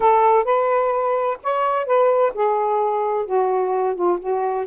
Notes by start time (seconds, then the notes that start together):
0.00 A4
0.44 B4
1.43 C#5
1.86 B4
2.34 G#4
3.25 F#4
3.95 F4
4.19 F#4